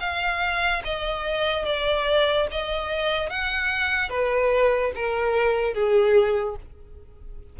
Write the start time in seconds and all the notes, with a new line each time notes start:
0.00 F5
0.84 D#5
1.65 D5
2.51 D#5
3.29 F#5
4.09 B4
4.95 A#4
5.74 G#4